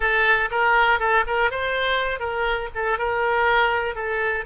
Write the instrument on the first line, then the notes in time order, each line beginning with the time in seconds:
oboe
0.00 A4
0.50 A#4
0.99 A4
1.26 A#4
1.50 C5
2.19 A#4
2.75 A4
2.98 A#4
3.95 A4